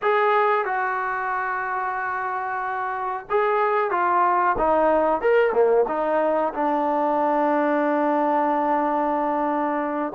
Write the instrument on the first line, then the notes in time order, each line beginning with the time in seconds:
trombone
0.02 G#4
0.65 F#4
3.30 G#4
3.90 F4
4.58 D#4
5.21 A#4
5.52 A#3
5.88 D#4
6.54 D4